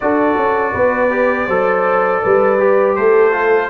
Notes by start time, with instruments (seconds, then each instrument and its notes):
0.00 tuba D4, trombone F#4, horn A4, trumpet D5
0.36 tuba C#4
0.73 tuba B3, horn B4
1.10 trombone G4
1.47 tuba F#3, trombone A4, horn C5
2.23 tuba G3, horn B4
2.58 trombone G4
2.95 tuba A3, horn A4, trumpet C5
3.31 trombone F4